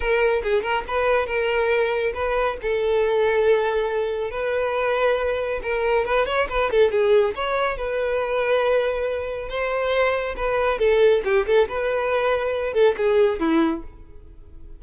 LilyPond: \new Staff \with { instrumentName = "violin" } { \time 4/4 \tempo 4 = 139 ais'4 gis'8 ais'8 b'4 ais'4~ | ais'4 b'4 a'2~ | a'2 b'2~ | b'4 ais'4 b'8 cis''8 b'8 a'8 |
gis'4 cis''4 b'2~ | b'2 c''2 | b'4 a'4 g'8 a'8 b'4~ | b'4. a'8 gis'4 e'4 | }